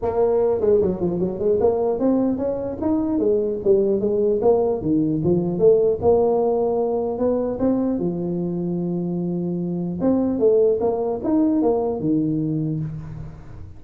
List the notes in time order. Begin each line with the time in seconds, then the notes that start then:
0.01 A#3
0.61 G#3
0.81 F#3
1.01 F3
1.19 F#3
1.39 G#3
1.60 A#3
1.99 C4
2.37 C#4
2.81 D#4
3.18 G#3
3.64 G3
4.00 G#3
4.41 A#3
4.81 D#3
5.23 F3
5.58 A3
6.01 A#3
7.18 B3
7.59 C4
7.99 F3
10.00 C4
10.39 A3
10.80 A#3
11.23 D#4
11.61 A#3
12.00 D#3